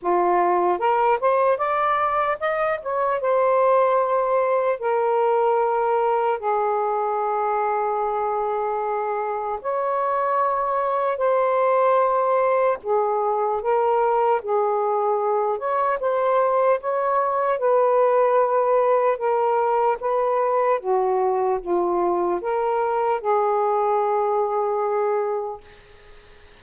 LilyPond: \new Staff \with { instrumentName = "saxophone" } { \time 4/4 \tempo 4 = 75 f'4 ais'8 c''8 d''4 dis''8 cis''8 | c''2 ais'2 | gis'1 | cis''2 c''2 |
gis'4 ais'4 gis'4. cis''8 | c''4 cis''4 b'2 | ais'4 b'4 fis'4 f'4 | ais'4 gis'2. | }